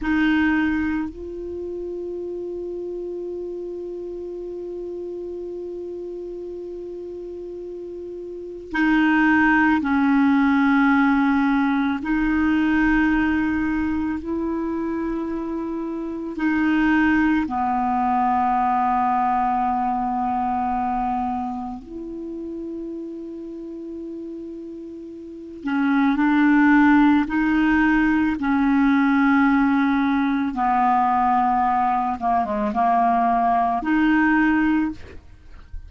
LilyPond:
\new Staff \with { instrumentName = "clarinet" } { \time 4/4 \tempo 4 = 55 dis'4 f'2.~ | f'1 | dis'4 cis'2 dis'4~ | dis'4 e'2 dis'4 |
b1 | e'2.~ e'8 cis'8 | d'4 dis'4 cis'2 | b4. ais16 gis16 ais4 dis'4 | }